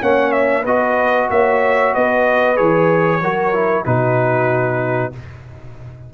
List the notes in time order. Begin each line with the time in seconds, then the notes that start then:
0.00 A#3 C#4 C#5 F#5
0.32 E5
0.62 B3 F#4 B4 D#5
1.30 A#3 C#5 E5
1.93 B3 B4 D#5
2.56 E3 G#4 C#5
3.21 F#3 F#4 A#4
3.54 E4
3.85 B2 D#4 F#4 B4